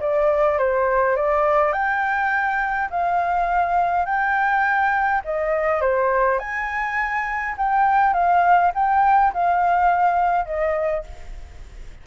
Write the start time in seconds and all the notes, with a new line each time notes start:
0.00 D5
0.58 C5
1.16 D5
1.72 G5
2.90 F5
4.05 G5
5.24 D#5
5.81 C5
6.39 G#5
7.57 G5
8.13 F5
8.75 G5
9.33 F5
10.45 D#5